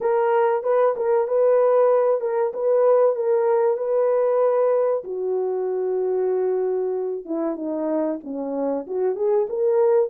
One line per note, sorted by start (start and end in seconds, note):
0.01 0.63 A#4
0.63 0.94 B4
0.96 1.27 A#4
1.27 2.20 B4
2.20 2.52 A#4
2.53 3.15 B4
3.15 3.77 A#4
3.77 5.03 B4
5.04 7.25 F#4
7.25 7.56 E4
7.56 8.19 D#4
8.23 8.86 C#4
8.87 9.16 F#4
9.16 9.47 G#4
9.49 10.09 A#4